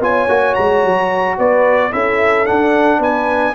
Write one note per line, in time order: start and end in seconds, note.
0.00 0.27 B3
0.00 0.28 F4
0.00 1.37 C#5
0.00 0.55 G#5
0.28 0.56 A#3
0.28 1.92 F#4
0.55 0.84 G#3
0.55 1.36 A#5
0.84 1.38 F#3
1.37 1.93 B3
1.37 1.92 B4
1.37 1.92 D5
1.92 2.48 C#4
1.92 2.45 E4
1.92 3.00 A4
1.92 2.46 E5
2.45 3.54 D4
2.45 2.99 D4
2.45 3.01 F#5
2.99 3.53 B3
2.99 3.54 B4
2.99 3.55 G#5